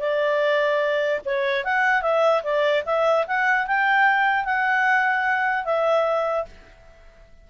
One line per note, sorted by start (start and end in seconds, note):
0.00 1.21 D5
1.25 1.64 C#5
1.64 2.02 F#5
2.02 2.42 E5
2.43 2.84 D5
2.86 3.26 E5
3.27 3.67 F#5
3.67 4.45 G5
4.45 5.65 F#5
5.65 6.45 E5